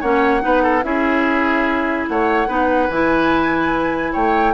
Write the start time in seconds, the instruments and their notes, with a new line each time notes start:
0.00 bassoon A#3, clarinet C#4, oboe C#5, flute F#5
0.40 bassoon B3, clarinet D#4, oboe B4
0.62 oboe A4
0.83 bassoon C#4, clarinet E4, oboe G#4, flute E5
2.08 bassoon A3, oboe C#5, flute F#5
2.47 bassoon B3, clarinet D#4, oboe B4
2.89 bassoon E3, clarinet E4, flute G#5
4.12 bassoon A3, oboe C#5, flute G5